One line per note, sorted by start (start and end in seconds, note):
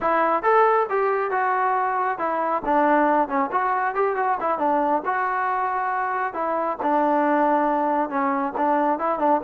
0.00 0.42 E4
0.42 0.86 A4
0.89 1.31 G4
1.31 2.18 F#4
2.18 2.62 E4
2.65 3.28 D4
3.28 3.50 C#4
3.51 3.94 F#4
3.94 4.15 G4
4.15 4.37 F#4
4.40 4.58 E4
4.58 5.02 D4
5.05 6.33 F#4
6.33 6.77 E4
6.82 8.09 D4
8.09 8.53 C#4
8.57 8.98 D4
8.98 9.19 E4
9.19 9.40 D4